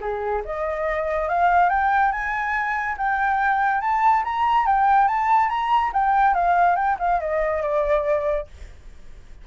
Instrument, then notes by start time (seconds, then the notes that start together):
flute
0.00 G#4
0.44 D#5
1.28 F5
1.69 G5
2.11 G#5
2.97 G5
3.81 A5
4.24 A#5
4.66 G5
5.07 A5
5.49 A#5
5.93 G5
6.34 F5
6.75 G5
6.99 F5
7.20 D#5
7.62 D5